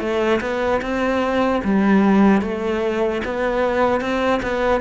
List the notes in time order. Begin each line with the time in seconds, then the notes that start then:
0.00 A3
0.40 B3
0.81 C4
1.64 G3
2.41 A3
3.24 B3
4.00 C4
4.42 B3